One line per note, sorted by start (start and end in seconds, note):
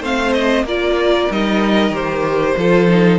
0.00 0.63 A3
0.00 0.66 C4
0.00 0.65 C5
0.00 0.33 F5
0.33 0.65 D#5
0.63 1.27 A#3
0.63 1.31 F4
0.63 2.57 A#4
0.63 1.32 D5
1.31 1.90 G3
1.31 1.93 D#4
1.31 1.95 D#5
1.90 2.54 D#3
1.90 2.57 G4
1.90 3.19 C5
2.58 3.19 F3
2.58 2.89 F4
2.58 3.19 A4
2.89 3.19 D#4